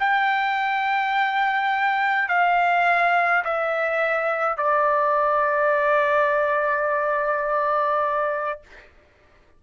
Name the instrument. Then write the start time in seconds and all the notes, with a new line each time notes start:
trumpet
0.00 G5
2.28 F5
3.45 E5
4.57 D5